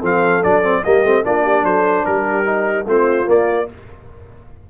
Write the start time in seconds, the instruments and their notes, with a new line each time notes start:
0.00 tuba F3, trombone C4, horn A4, trumpet F5
0.43 tuba F#3, trombone D4, trumpet D5
0.63 trombone C4
0.84 tuba G3, trombone A#3, horn G4, trumpet D#5
1.03 tuba A3, trombone C4
1.24 tuba A#3, trombone D4, horn F4, trumpet D5
1.43 horn G4
1.64 tuba F#3, horn A4, trumpet C5
2.05 tuba G3, horn G4, trumpet A#4
2.45 trombone D#4
2.86 tuba A3, trombone C4, horn F4, trumpet C5
3.26 trombone A#3, tuba A#3, trumpet D5